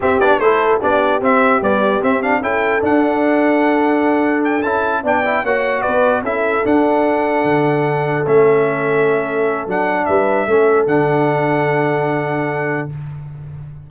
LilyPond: <<
  \new Staff \with { instrumentName = "trumpet" } { \time 4/4 \tempo 4 = 149 e''8 d''8 c''4 d''4 e''4 | d''4 e''8 f''8 g''4 fis''4~ | fis''2. g''8 a''8~ | a''8 g''4 fis''4 d''4 e''8~ |
e''8 fis''2.~ fis''8~ | fis''8 e''2.~ e''8 | fis''4 e''2 fis''4~ | fis''1 | }
  \new Staff \with { instrumentName = "horn" } { \time 4/4 g'4 a'4 g'2~ | g'2 a'2~ | a'1~ | a'8 d''4 cis''4 b'4 a'8~ |
a'1~ | a'1~ | a'4 b'4 a'2~ | a'1 | }
  \new Staff \with { instrumentName = "trombone" } { \time 4/4 c'8 d'8 e'4 d'4 c'4 | g4 c'8 d'8 e'4 d'4~ | d'2.~ d'8 e'8~ | e'8 d'8 e'8 fis'2 e'8~ |
e'8 d'2.~ d'8~ | d'8 cis'2.~ cis'8 | d'2 cis'4 d'4~ | d'1 | }
  \new Staff \with { instrumentName = "tuba" } { \time 4/4 c'8 b8 a4 b4 c'4 | b4 c'4 cis'4 d'4~ | d'2.~ d'8 cis'8~ | cis'8 b4 ais4 b4 cis'8~ |
cis'8 d'2 d4.~ | d8 a2.~ a8 | fis4 g4 a4 d4~ | d1 | }
>>